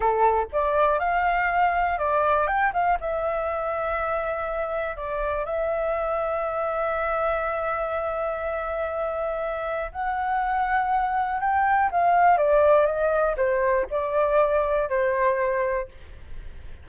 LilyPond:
\new Staff \with { instrumentName = "flute" } { \time 4/4 \tempo 4 = 121 a'4 d''4 f''2 | d''4 g''8 f''8 e''2~ | e''2 d''4 e''4~ | e''1~ |
e''1 | fis''2. g''4 | f''4 d''4 dis''4 c''4 | d''2 c''2 | }